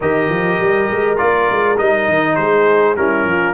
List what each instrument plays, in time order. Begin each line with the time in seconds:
0.00 tuba D#3, trombone G4, horn A#4, trumpet D#5
0.29 tuba F3
0.60 tuba G3
0.90 tuba G#3
1.16 tuba A#3, trombone F4, trumpet D5
1.51 tuba G#3
1.77 tuba G3, trombone D#4, trumpet D#5
2.08 tuba D#3
2.35 tuba G#3, horn G#4, trumpet C5
2.96 tuba G3, trombone C#4, horn E4, trumpet A#4
3.24 tuba F3, horn F4